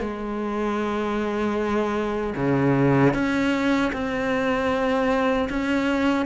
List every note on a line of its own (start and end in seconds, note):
0.00 2.34 G#3
2.36 3.14 C#3
3.14 3.92 C#4
3.92 5.48 C4
5.49 6.26 C#4